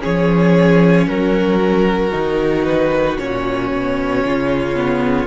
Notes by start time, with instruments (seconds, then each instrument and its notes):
0.00 cello F3, viola C#4, violin G#4 C#5
1.07 cello F#3, violin F#4 A#4
2.12 cello D#3, viola D#4
2.64 violin B4
3.19 cello A#2, viola C#4, violin C#5
3.72 cello B2
4.25 cello C#3, violin F4
4.75 viola B3